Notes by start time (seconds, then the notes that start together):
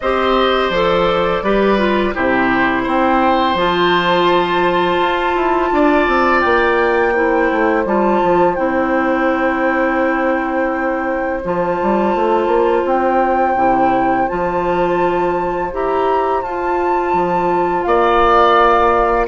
0.00 C4 G4 C5 D#5
0.69 F3 A4 D5
1.42 G3 G4 B4
1.78 F4
2.14 C3 E4 G4 C5
2.82 C4 C5 G5
3.54 F3 F4 A5
4.99 F4
5.35 E4
5.71 D4 D5
6.07 C4
6.40 A#3 G5
7.13 E4 C5
7.51 A3
7.85 G3 F4 A5
8.23 F3
8.55 C4 E4 G5
11.43 F3 F4 A5
11.82 G3
12.15 A3
12.46 A#3
12.85 C4 G5
13.55 C3 E4
14.28 F3 F4 A5
15.72 E4 G4 A#5
16.41 F4 A5
17.13 F3
17.83 A#3 D5 F5